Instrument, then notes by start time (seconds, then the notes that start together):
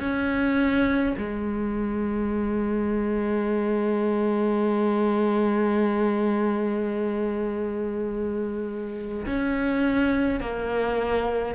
cello
0.00 C#4
1.18 G#3
9.26 C#4
10.41 A#3